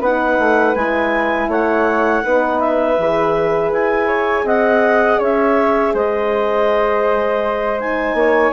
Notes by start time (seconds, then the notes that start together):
0.00 B3 D#4 B4 F#5
0.39 A3
0.75 G#3 E4 G#5
1.48 A3 C#5 F#5
2.23 B3 D#4 B4
2.60 E5
2.98 E3 G#4
3.71 E4 G#5
4.07 C#5
4.44 C4 D#5 F#5
5.19 C#4 C#5 E5
5.94 G#3 C5 D#5
7.80 D#4 G#5
8.14 A#3 C#5